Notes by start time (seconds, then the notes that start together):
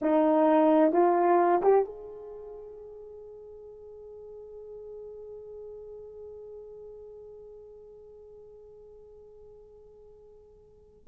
0.01 D#4
0.92 F4
1.62 G4
1.84 G#4